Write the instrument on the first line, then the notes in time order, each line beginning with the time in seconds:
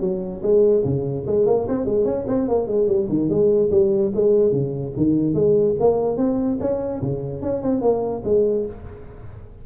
tuba
0.00 F#3
0.42 G#3
0.84 C#3
1.26 G#3
1.46 A#3
1.68 C4
1.85 G#3
2.05 C#4
2.27 C4
2.48 A#3
2.67 G#3
2.87 G3
3.09 D#3
3.29 G#3
3.71 G3
4.15 G#3
4.51 C#3
4.96 D#3
5.34 G#3
5.79 A#3
6.17 C4
6.60 C#4
7.01 C#3
7.41 C#4
7.62 C4
7.81 A#3
8.24 G#3